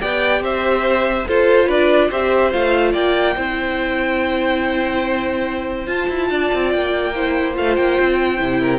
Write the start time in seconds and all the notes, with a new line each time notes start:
0.00 B3 G4 D5 G5
0.41 C4 C5 E5
1.28 F4 A4 C5
1.66 D4 B4 D5
2.11 C4 G4 C5 E5
2.52 A3 F4 F5
2.92 A#3 D5 G5
3.36 C4 E4 C5
5.87 F4 A5
6.09 E4
6.30 D4 D5
6.54 C4
6.71 A#3 G5
7.15 E4 C5
7.55 A3 F4 F5
7.76 A#3 G5
8.00 C4
8.38 C3 E4
8.61 A#4